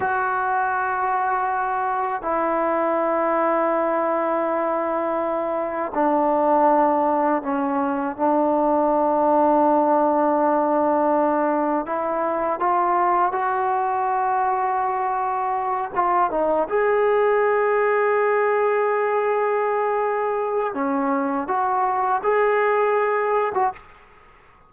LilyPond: \new Staff \with { instrumentName = "trombone" } { \time 4/4 \tempo 4 = 81 fis'2. e'4~ | e'1 | d'2 cis'4 d'4~ | d'1 |
e'4 f'4 fis'2~ | fis'4. f'8 dis'8 gis'4.~ | gis'1 | cis'4 fis'4 gis'4.~ gis'16 fis'16 | }